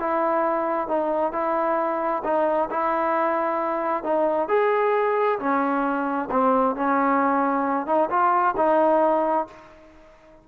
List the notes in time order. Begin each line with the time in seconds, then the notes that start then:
0.00 E4
0.89 D#4
1.33 E4
2.25 D#4
2.71 E4
4.04 D#4
4.49 G#4
5.40 C#4
6.31 C4
6.76 C#4
7.87 D#4
8.10 F4
8.58 D#4